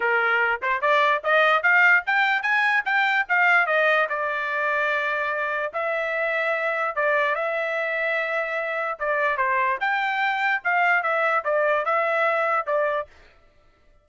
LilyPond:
\new Staff \with { instrumentName = "trumpet" } { \time 4/4 \tempo 4 = 147 ais'4. c''8 d''4 dis''4 | f''4 g''4 gis''4 g''4 | f''4 dis''4 d''2~ | d''2 e''2~ |
e''4 d''4 e''2~ | e''2 d''4 c''4 | g''2 f''4 e''4 | d''4 e''2 d''4 | }